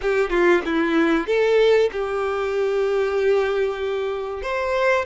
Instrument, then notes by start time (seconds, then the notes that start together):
violin
0.01 G4
0.30 F4
0.65 E4
1.27 A4
1.91 G4
4.42 C5